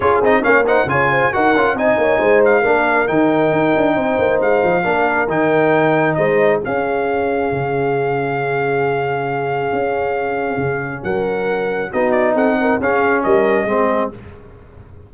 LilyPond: <<
  \new Staff \with { instrumentName = "trumpet" } { \time 4/4 \tempo 4 = 136 cis''8 dis''8 f''8 fis''8 gis''4 fis''4 | gis''4. f''4. g''4~ | g''2 f''2 | g''2 dis''4 f''4~ |
f''1~ | f''1~ | f''4 fis''2 dis''8 d''8 | fis''4 f''4 dis''2 | }
  \new Staff \with { instrumentName = "horn" } { \time 4/4 gis'4 cis''8 c''8 cis''8 c''8 ais'4 | dis''8 cis''8 c''4 ais'2~ | ais'4 c''2 ais'4~ | ais'2 c''4 gis'4~ |
gis'1~ | gis'1~ | gis'4 ais'2 fis'4 | a'8 ais'8 gis'4 ais'4 gis'4 | }
  \new Staff \with { instrumentName = "trombone" } { \time 4/4 f'8 dis'8 cis'8 dis'8 f'4 fis'8 f'8 | dis'2 d'4 dis'4~ | dis'2. d'4 | dis'2. cis'4~ |
cis'1~ | cis'1~ | cis'2. dis'4~ | dis'4 cis'2 c'4 | }
  \new Staff \with { instrumentName = "tuba" } { \time 4/4 cis'8 c'8 ais4 cis4 dis'8 cis'8 | c'8 ais8 gis4 ais4 dis4 | dis'8 d'8 c'8 ais8 gis8 f8 ais4 | dis2 gis4 cis'4~ |
cis'4 cis2.~ | cis2 cis'2 | cis4 fis2 b4 | c'4 cis'4 g4 gis4 | }
>>